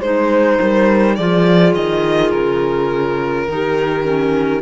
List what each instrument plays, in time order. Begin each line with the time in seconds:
0.00 cello G#3, clarinet D#4, horn C5, violin C5
0.61 cello G3, horn A#4
1.15 cello F3, clarinet F4, horn G#4, violin D5
1.75 cello D#3, violin D#5
2.31 cello C#3, violin A#4
3.48 cello D#3, clarinet D#4, horn G4
4.03 clarinet C#4